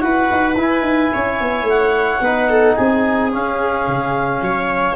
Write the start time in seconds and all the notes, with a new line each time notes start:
0.00 E4 F#4 B4 F#5
0.31 D#4
0.56 E4 G#5
0.82 D#4
1.13 C#4 C#5
1.40 B3
1.63 A3
1.69 F#5
2.21 B3 D#4 B4
2.49 A4
2.75 C4 G#4 G#5
3.31 C#4 F5
3.87 C#3
4.41 F#3 C#5